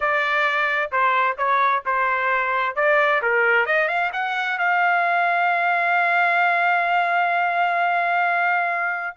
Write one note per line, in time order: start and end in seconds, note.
0.00 0.90 D5
0.91 1.37 C5
1.37 1.83 C#5
1.85 2.75 C5
2.75 3.21 D5
3.22 3.65 A#4
3.65 3.87 D#5
3.87 4.10 F5
4.12 4.58 F#5
4.58 9.16 F5